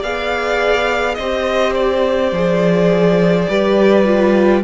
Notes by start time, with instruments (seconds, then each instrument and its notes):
0.00 cello B3, viola G#4, violin D5 F5
1.15 cello C4, violin C5 D#5
1.21 viola G4
1.74 violin D5
2.32 cello F3, viola G#4
3.49 cello G3, viola G4, violin B4
4.05 viola F4